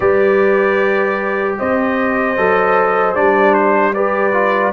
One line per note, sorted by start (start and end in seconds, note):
0.00 1.57 G3
0.00 2.36 G4
0.00 1.58 B4
0.00 1.55 D5
1.58 2.37 C4
1.58 3.95 C5
1.58 3.14 D#5
2.37 3.16 F#3
2.37 3.15 A4
3.14 4.72 G3
3.14 3.94 D4
3.14 3.54 D5
3.54 3.93 C5
3.93 4.33 G4
3.93 4.72 B4
3.93 4.72 D5
4.33 4.72 F4